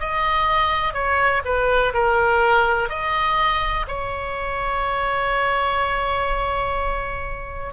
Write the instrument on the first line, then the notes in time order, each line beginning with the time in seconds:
oboe
0.00 D#5
0.94 C#5
1.45 B4
1.94 A#4
2.89 D#5
3.88 C#5